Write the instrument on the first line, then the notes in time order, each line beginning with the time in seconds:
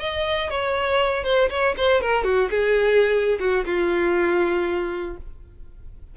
violin
0.00 D#5
0.51 C#5
1.24 C5
1.50 C#5
1.78 C5
2.02 A#4
2.24 F#4
2.51 G#4
3.40 F#4
3.66 F4